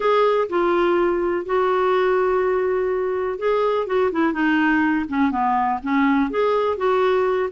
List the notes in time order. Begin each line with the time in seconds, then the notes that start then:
0.00 G#4
0.49 F4
1.45 F#4
3.38 G#4
3.86 F#4
4.12 E4
4.33 D#4
5.09 C#4
5.31 B3
5.82 C#4
6.30 G#4
6.77 F#4